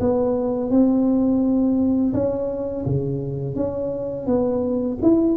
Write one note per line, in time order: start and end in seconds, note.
0.00 0.70 B3
0.70 2.13 C4
2.14 2.85 C#4
2.86 3.56 C#3
3.56 4.27 C#4
4.27 4.98 B3
5.02 5.37 E4